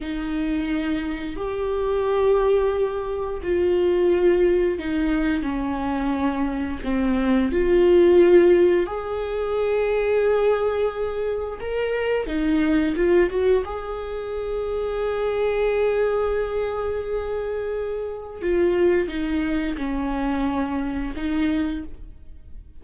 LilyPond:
\new Staff \with { instrumentName = "viola" } { \time 4/4 \tempo 4 = 88 dis'2 g'2~ | g'4 f'2 dis'4 | cis'2 c'4 f'4~ | f'4 gis'2.~ |
gis'4 ais'4 dis'4 f'8 fis'8 | gis'1~ | gis'2. f'4 | dis'4 cis'2 dis'4 | }